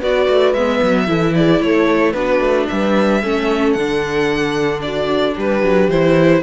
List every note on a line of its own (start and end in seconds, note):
0.00 0.28 B3
0.00 0.56 F#4
0.00 1.07 B4
0.00 0.54 D5
0.29 0.54 A3
0.54 0.81 G#3
0.54 1.07 B3
0.54 1.34 E5
0.83 1.09 F#3
1.07 1.61 E3
1.07 2.14 E4
1.07 1.35 A4
1.35 1.62 G#4
1.35 1.62 D5
1.61 2.14 A3
1.61 2.15 A4
1.61 2.13 C#5
2.13 2.40 B3
2.13 3.22 D4
2.13 2.70 F#4
2.13 2.67 B4
2.40 2.67 A3
2.68 3.23 G3
2.68 3.22 B4
2.68 3.73 E5
3.22 3.76 A3
3.22 3.77 C#4
3.22 4.83 A4
3.73 5.37 D3
3.73 4.80 F#5
3.79 5.92 D4
4.82 5.35 F#4
4.82 5.35 D5
5.35 5.63 G3
5.35 6.43 G4
5.35 5.90 B4
5.63 5.89 F#3
5.89 6.42 E3
5.89 6.43 E4
5.89 6.43 C5